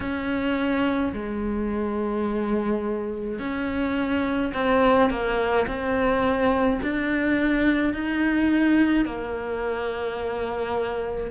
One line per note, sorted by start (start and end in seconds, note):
0.00 1.12 C#4
1.13 3.39 G#3
3.39 4.52 C#4
4.53 5.09 C4
5.09 5.66 A#3
5.67 6.80 C4
6.82 7.93 D4
7.93 9.05 D#4
9.05 11.30 A#3